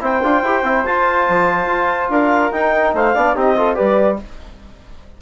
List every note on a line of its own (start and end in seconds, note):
0.00 0.22 C4
0.00 0.21 E4
0.00 2.11 C5
0.00 0.85 G5
0.23 0.42 D4
0.23 0.44 F4
0.42 0.63 E4
0.42 0.64 G4
0.63 0.84 C4
0.63 0.85 E4
0.85 1.27 F4
0.85 2.52 F4
0.85 2.10 A5
1.28 1.67 F3
1.67 2.08 F4
2.09 2.51 D4
2.09 2.94 A#4
2.09 2.52 F5
2.52 3.14 D#4
2.52 2.93 D#4
2.52 2.94 G5
2.93 3.14 A3
2.93 3.15 C5
2.93 3.36 F5
3.15 3.36 B3
3.15 3.35 D4
3.15 3.35 D5
3.35 3.77 C4
3.35 3.56 D#4
3.35 3.56 G4
3.35 3.75 D#5
3.56 3.75 F4
3.56 3.75 A4
3.75 4.22 G3
3.75 4.17 G4
3.75 4.17 B4
3.75 4.16 D5